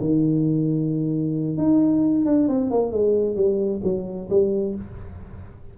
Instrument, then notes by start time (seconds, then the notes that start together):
tuba
0.00 D#3
1.57 D#4
2.25 D4
2.48 C4
2.70 A#3
2.92 G#3
3.36 G3
3.83 F#3
4.30 G3